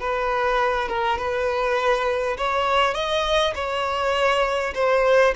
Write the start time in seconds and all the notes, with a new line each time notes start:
0.00 B4
0.88 A#4
1.18 B4
2.37 C#5
2.94 D#5
3.55 C#5
4.74 C5